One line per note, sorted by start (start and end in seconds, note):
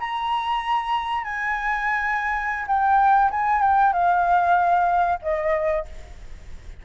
0.00 1.24 A#5
1.24 2.66 G#5
2.68 3.31 G5
3.31 3.62 G#5
3.62 3.93 G5
3.93 5.20 F5
5.22 5.86 D#5